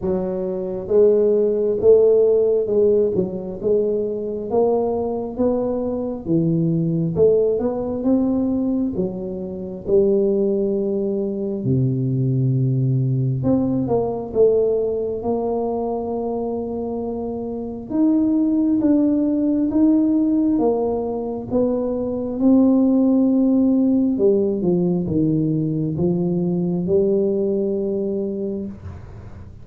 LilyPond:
\new Staff \with { instrumentName = "tuba" } { \time 4/4 \tempo 4 = 67 fis4 gis4 a4 gis8 fis8 | gis4 ais4 b4 e4 | a8 b8 c'4 fis4 g4~ | g4 c2 c'8 ais8 |
a4 ais2. | dis'4 d'4 dis'4 ais4 | b4 c'2 g8 f8 | dis4 f4 g2 | }